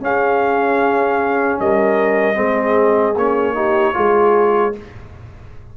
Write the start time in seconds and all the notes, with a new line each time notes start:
0.00 C#4 G#4 F5
1.59 G3 A#4 D#5
2.34 G#3 C4 G#4
3.15 A#3 C#4 C#5
3.54 D#4 G4
3.93 G#3 F4 G#4